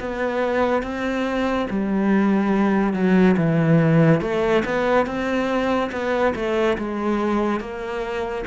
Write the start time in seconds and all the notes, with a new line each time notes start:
0.00 B3
0.83 C4
1.70 G3
2.93 F#3
3.37 E3
4.21 A3
4.65 B3
5.06 C4
5.92 B3
6.35 A3
6.78 G#3
7.60 A#3